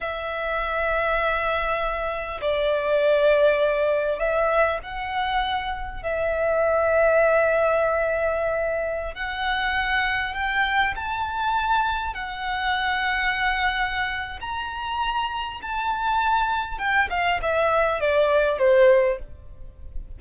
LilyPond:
\new Staff \with { instrumentName = "violin" } { \time 4/4 \tempo 4 = 100 e''1 | d''2. e''4 | fis''2 e''2~ | e''2.~ e''16 fis''8.~ |
fis''4~ fis''16 g''4 a''4.~ a''16~ | a''16 fis''2.~ fis''8. | ais''2 a''2 | g''8 f''8 e''4 d''4 c''4 | }